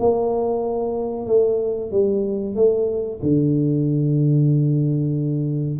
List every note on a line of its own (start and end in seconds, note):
0.00 1.27 A#3
1.27 1.91 A3
1.91 2.56 G3
2.56 3.20 A3
3.23 5.80 D3